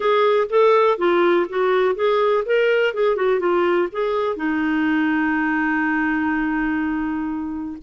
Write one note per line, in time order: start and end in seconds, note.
0.00 0.47 G#4
0.49 0.98 A4
0.98 1.46 F4
1.49 1.95 F#4
1.95 2.44 G#4
2.45 2.94 A#4
2.94 3.16 G#4
3.16 3.39 F#4
3.39 3.88 F4
3.92 4.36 G#4
4.36 7.77 D#4